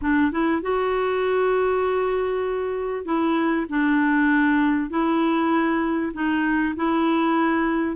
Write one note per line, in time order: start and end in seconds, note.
0.01 0.31 D4
0.31 0.62 E4
0.62 3.05 F#4
3.05 3.66 E4
3.69 4.90 D4
4.90 6.12 E4
6.13 6.74 D#4
6.76 7.96 E4